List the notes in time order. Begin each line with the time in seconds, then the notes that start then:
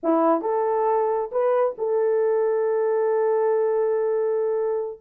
0.03 E4
0.41 A4
1.31 B4
1.78 A4